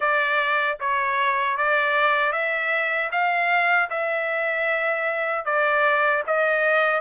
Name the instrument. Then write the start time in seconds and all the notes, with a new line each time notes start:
trumpet
0.00 D5
0.80 C#5
1.57 D5
2.32 E5
3.11 F5
3.90 E5
5.45 D5
6.27 D#5